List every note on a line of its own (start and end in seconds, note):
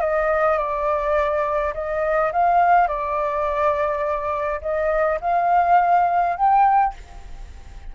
0.00 0.58 D#5
0.58 1.73 D5
1.74 2.31 D#5
2.32 2.87 F5
2.87 4.60 D5
4.61 5.19 D#5
5.21 6.36 F5
6.36 6.94 G5